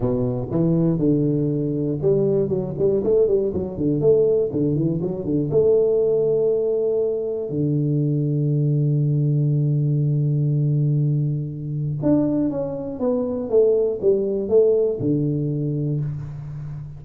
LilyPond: \new Staff \with { instrumentName = "tuba" } { \time 4/4 \tempo 4 = 120 b,4 e4 d2 | g4 fis8 g8 a8 g8 fis8 d8 | a4 d8 e8 fis8 d8 a4~ | a2. d4~ |
d1~ | d1 | d'4 cis'4 b4 a4 | g4 a4 d2 | }